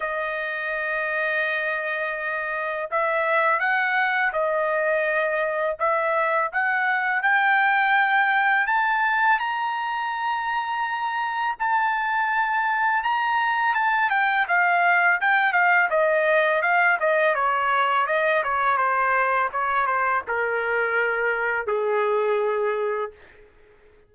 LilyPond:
\new Staff \with { instrumentName = "trumpet" } { \time 4/4 \tempo 4 = 83 dis''1 | e''4 fis''4 dis''2 | e''4 fis''4 g''2 | a''4 ais''2. |
a''2 ais''4 a''8 g''8 | f''4 g''8 f''8 dis''4 f''8 dis''8 | cis''4 dis''8 cis''8 c''4 cis''8 c''8 | ais'2 gis'2 | }